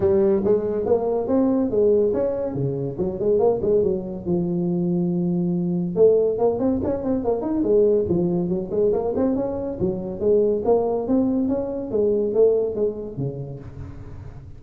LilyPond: \new Staff \with { instrumentName = "tuba" } { \time 4/4 \tempo 4 = 141 g4 gis4 ais4 c'4 | gis4 cis'4 cis4 fis8 gis8 | ais8 gis8 fis4 f2~ | f2 a4 ais8 c'8 |
cis'8 c'8 ais8 dis'8 gis4 f4 | fis8 gis8 ais8 c'8 cis'4 fis4 | gis4 ais4 c'4 cis'4 | gis4 a4 gis4 cis4 | }